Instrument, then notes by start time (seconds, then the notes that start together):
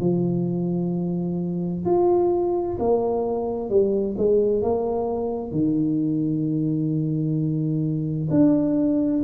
tuba
0.00 F3
1.85 F4
2.79 A#3
3.69 G3
4.17 G#3
4.62 A#3
5.51 D#3
8.30 D4